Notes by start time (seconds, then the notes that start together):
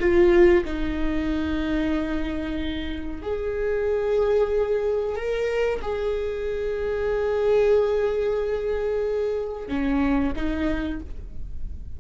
0.00 F4
0.65 D#4
3.22 G#4
5.16 A#4
5.82 G#4
9.69 C#4
10.36 D#4